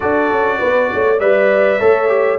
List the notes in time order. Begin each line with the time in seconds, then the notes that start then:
0.00 D4 F#4 A4 D5
0.31 C#4
0.58 B3 B4
0.92 A3 C#5
1.19 G3 B4 D5 E5
1.79 A3 A4 C#5
2.08 G4